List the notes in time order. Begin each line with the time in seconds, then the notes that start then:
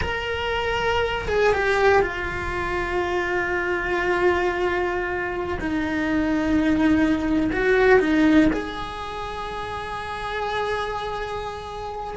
0.01 A#4
1.28 G#4
1.53 G4
2.02 F4
5.59 D#4
7.52 F#4
7.99 D#4
8.52 G#4